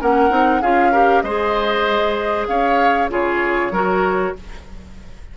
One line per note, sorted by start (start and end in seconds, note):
0.00 0.30 A#3
0.00 0.30 C#4
0.00 0.61 A#4
0.00 0.62 F#5
0.30 0.61 C4
0.30 0.61 D#4
0.61 1.23 C#4
0.61 0.93 F4
0.61 0.91 G#4
0.61 1.21 F5
0.91 1.24 G4
0.91 1.22 A#4
1.21 2.47 G#3
1.21 3.09 G#4
1.21 2.47 C5
1.21 2.45 D#5
2.47 3.09 C#4
2.47 3.11 C#5
2.47 3.09 F5
3.09 3.70 C#3
3.09 3.71 F4
3.09 3.72 G#4
3.09 4.37 C#5
3.70 4.32 F#3
3.70 4.35 F#4
3.70 4.34 A#4